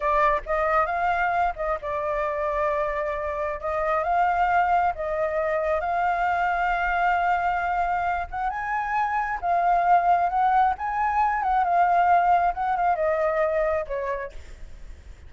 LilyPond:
\new Staff \with { instrumentName = "flute" } { \time 4/4 \tempo 4 = 134 d''4 dis''4 f''4. dis''8 | d''1 | dis''4 f''2 dis''4~ | dis''4 f''2.~ |
f''2~ f''8 fis''8 gis''4~ | gis''4 f''2 fis''4 | gis''4. fis''8 f''2 | fis''8 f''8 dis''2 cis''4 | }